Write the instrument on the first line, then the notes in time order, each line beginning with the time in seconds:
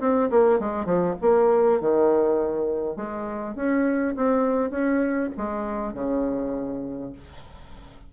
bassoon
0.00 C4
0.30 A#3
0.59 G#3
0.85 F3
1.21 A#3
1.80 D#3
2.96 G#3
3.55 C#4
4.16 C4
4.71 C#4
5.37 G#3
5.94 C#3